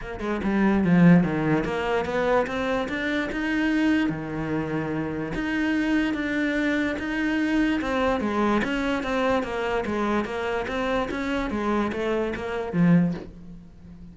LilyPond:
\new Staff \with { instrumentName = "cello" } { \time 4/4 \tempo 4 = 146 ais8 gis8 g4 f4 dis4 | ais4 b4 c'4 d'4 | dis'2 dis2~ | dis4 dis'2 d'4~ |
d'4 dis'2 c'4 | gis4 cis'4 c'4 ais4 | gis4 ais4 c'4 cis'4 | gis4 a4 ais4 f4 | }